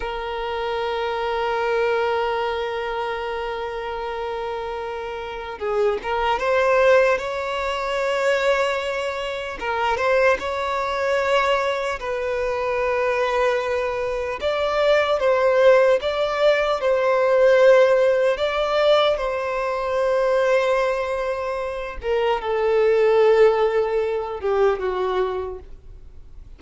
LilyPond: \new Staff \with { instrumentName = "violin" } { \time 4/4 \tempo 4 = 75 ais'1~ | ais'2. gis'8 ais'8 | c''4 cis''2. | ais'8 c''8 cis''2 b'4~ |
b'2 d''4 c''4 | d''4 c''2 d''4 | c''2.~ c''8 ais'8 | a'2~ a'8 g'8 fis'4 | }